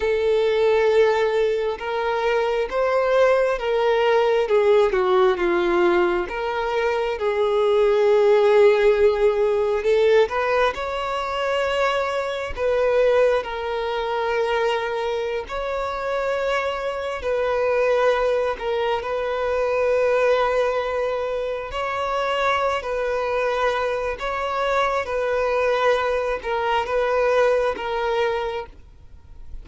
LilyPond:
\new Staff \with { instrumentName = "violin" } { \time 4/4 \tempo 4 = 67 a'2 ais'4 c''4 | ais'4 gis'8 fis'8 f'4 ais'4 | gis'2. a'8 b'8 | cis''2 b'4 ais'4~ |
ais'4~ ais'16 cis''2 b'8.~ | b'8. ais'8 b'2~ b'8.~ | b'16 cis''4~ cis''16 b'4. cis''4 | b'4. ais'8 b'4 ais'4 | }